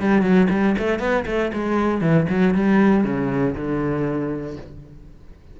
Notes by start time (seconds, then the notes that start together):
0.00 G3
0.21 F#3
0.50 G3
0.78 A3
0.99 B3
1.26 A3
1.53 G#3
2.01 E3
2.29 F#3
2.54 G3
3.04 C#3
3.55 D3